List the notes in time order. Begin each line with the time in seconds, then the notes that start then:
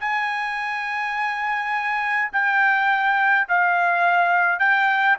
0.00 G#5
2.32 G5
3.48 F5
4.59 G5